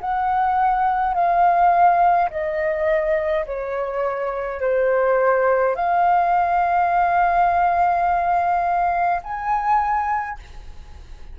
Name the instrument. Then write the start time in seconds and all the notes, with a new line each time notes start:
flute
0.00 F#5
1.14 F5
2.30 D#5
3.45 C#5
4.60 C5
5.75 F5
9.23 G#5